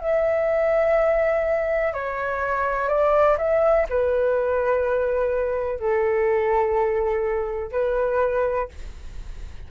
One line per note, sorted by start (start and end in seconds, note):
0.00 1.94 E5
1.94 2.89 C#5
2.89 3.37 D5
3.38 3.87 E5
3.90 5.80 B4
5.80 7.72 A4
7.72 8.69 B4